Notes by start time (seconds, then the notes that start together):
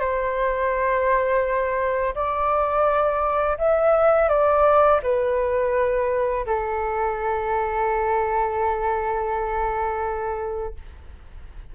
0.00 C5
2.15 D5
3.58 E5
4.29 D5
5.03 B4
6.46 A4